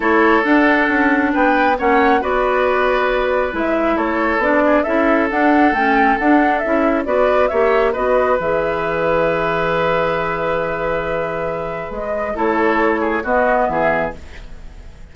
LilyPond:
<<
  \new Staff \with { instrumentName = "flute" } { \time 4/4 \tempo 4 = 136 cis''4 fis''2 g''4 | fis''4 d''2. | e''4 cis''4 d''4 e''4 | fis''4 g''4 fis''4 e''4 |
d''4 e''4 dis''4 e''4~ | e''1~ | e''2. dis''4 | cis''2 dis''4 e''4 | }
  \new Staff \with { instrumentName = "oboe" } { \time 4/4 a'2. b'4 | cis''4 b'2.~ | b'4 a'4. gis'8 a'4~ | a'1 |
b'4 cis''4 b'2~ | b'1~ | b'1 | a'4. gis'8 fis'4 gis'4 | }
  \new Staff \with { instrumentName = "clarinet" } { \time 4/4 e'4 d'2. | cis'4 fis'2. | e'2 d'4 e'4 | d'4 cis'4 d'4 e'4 |
fis'4 g'4 fis'4 gis'4~ | gis'1~ | gis'1 | e'2 b2 | }
  \new Staff \with { instrumentName = "bassoon" } { \time 4/4 a4 d'4 cis'4 b4 | ais4 b2. | gis4 a4 b4 cis'4 | d'4 a4 d'4 cis'4 |
b4 ais4 b4 e4~ | e1~ | e2. gis4 | a2 b4 e4 | }
>>